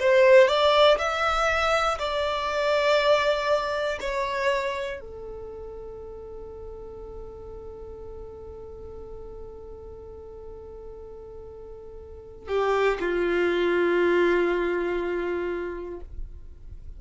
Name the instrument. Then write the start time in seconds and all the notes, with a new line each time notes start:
violin
0.00 C5
0.48 D5
0.98 E5
1.99 D5
4.00 C#5
5.00 A4
12.48 G4
13.00 F4